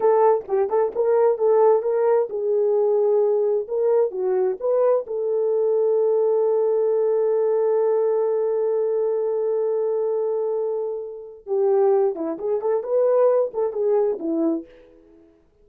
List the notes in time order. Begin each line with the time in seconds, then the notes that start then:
0.00 A4
0.47 G4
0.69 A4
0.95 A#4
1.38 A4
1.82 A#4
2.29 G#4
3.67 A#4
4.11 F#4
4.59 B4
5.06 A4
11.46 G4
12.15 E4
12.38 G#4
12.61 A4
12.83 B4
13.53 A4
13.72 G#4
14.19 E4